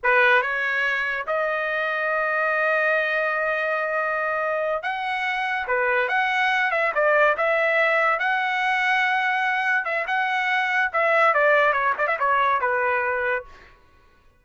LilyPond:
\new Staff \with { instrumentName = "trumpet" } { \time 4/4 \tempo 4 = 143 b'4 cis''2 dis''4~ | dis''1~ | dis''2.~ dis''8 fis''8~ | fis''4. b'4 fis''4. |
e''8 d''4 e''2 fis''8~ | fis''2.~ fis''8 e''8 | fis''2 e''4 d''4 | cis''8 d''16 e''16 cis''4 b'2 | }